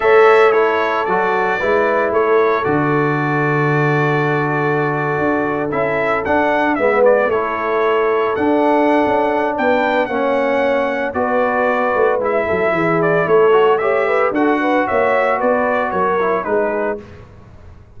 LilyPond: <<
  \new Staff \with { instrumentName = "trumpet" } { \time 4/4 \tempo 4 = 113 e''4 cis''4 d''2 | cis''4 d''2.~ | d''2~ d''8. e''4 fis''16~ | fis''8. e''8 d''8 cis''2 fis''16~ |
fis''2 g''4 fis''4~ | fis''4 d''2 e''4~ | e''8 d''8 cis''4 e''4 fis''4 | e''4 d''4 cis''4 b'4 | }
  \new Staff \with { instrumentName = "horn" } { \time 4/4 cis''4 a'2 b'4 | a'1~ | a'1~ | a'8. b'4 a'2~ a'16~ |
a'2 b'4 cis''4~ | cis''4 b'2~ b'8 a'8 | gis'4 a'4 cis''8 b'8 a'8 b'8 | cis''4 b'4 ais'4 gis'4 | }
  \new Staff \with { instrumentName = "trombone" } { \time 4/4 a'4 e'4 fis'4 e'4~ | e'4 fis'2.~ | fis'2~ fis'8. e'4 d'16~ | d'8. b4 e'2 d'16~ |
d'2. cis'4~ | cis'4 fis'2 e'4~ | e'4. fis'8 g'4 fis'4~ | fis'2~ fis'8 e'8 dis'4 | }
  \new Staff \with { instrumentName = "tuba" } { \time 4/4 a2 fis4 gis4 | a4 d2.~ | d4.~ d16 d'4 cis'4 d'16~ | d'8. gis4 a2 d'16~ |
d'4 cis'4 b4 ais4~ | ais4 b4. a8 gis8 fis8 | e4 a2 d'4 | ais4 b4 fis4 gis4 | }
>>